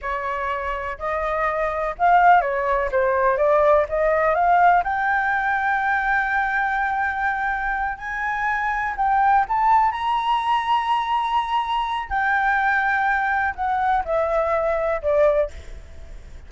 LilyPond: \new Staff \with { instrumentName = "flute" } { \time 4/4 \tempo 4 = 124 cis''2 dis''2 | f''4 cis''4 c''4 d''4 | dis''4 f''4 g''2~ | g''1~ |
g''8 gis''2 g''4 a''8~ | a''8 ais''2.~ ais''8~ | ais''4 g''2. | fis''4 e''2 d''4 | }